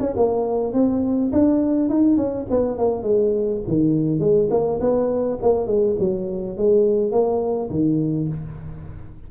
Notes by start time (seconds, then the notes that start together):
0.00 C#4
0.16 A#3
0.73 C4
1.32 D4
1.89 D#4
2.17 C#4
2.50 B3
2.78 A#3
3.03 G#3
3.67 D#3
4.20 G#3
4.50 A#3
4.80 B3
5.42 A#3
5.67 G#3
5.99 F#3
6.57 G#3
7.11 A#3
7.70 D#3